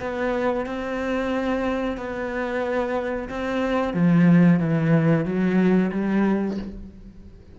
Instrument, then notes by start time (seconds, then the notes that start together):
cello
0.00 B3
0.66 C4
1.97 B3
3.29 C4
3.94 F3
4.60 E3
5.25 F#3
5.92 G3